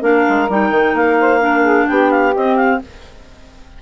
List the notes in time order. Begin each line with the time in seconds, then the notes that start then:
0.00 A#3 D4 A#4 F5
0.28 G#3
0.48 G3 D#4 G5
0.70 D#3
0.93 A#3 F5
1.19 C5
1.39 D4 A#4
1.62 G#4
1.87 B3 G4 G5
2.10 F5
2.35 C4 D#5
2.55 F5